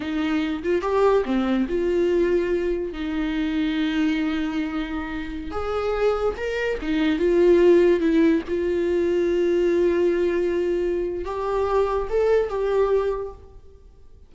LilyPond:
\new Staff \with { instrumentName = "viola" } { \time 4/4 \tempo 4 = 144 dis'4. f'8 g'4 c'4 | f'2. dis'4~ | dis'1~ | dis'4~ dis'16 gis'2 ais'8.~ |
ais'16 dis'4 f'2 e'8.~ | e'16 f'2.~ f'8.~ | f'2. g'4~ | g'4 a'4 g'2 | }